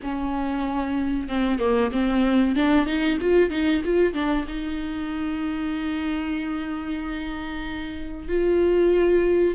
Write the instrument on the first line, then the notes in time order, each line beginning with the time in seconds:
viola
0.03 C#4
1.28 C4
1.59 A#3
1.91 C4
2.55 D4
2.86 D#4
3.20 F4
3.50 D#4
3.84 F4
4.13 D4
4.47 D#4
8.28 F4